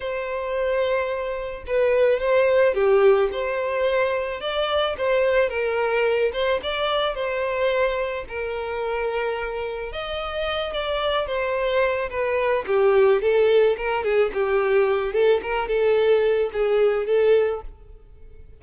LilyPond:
\new Staff \with { instrumentName = "violin" } { \time 4/4 \tempo 4 = 109 c''2. b'4 | c''4 g'4 c''2 | d''4 c''4 ais'4. c''8 | d''4 c''2 ais'4~ |
ais'2 dis''4. d''8~ | d''8 c''4. b'4 g'4 | a'4 ais'8 gis'8 g'4. a'8 | ais'8 a'4. gis'4 a'4 | }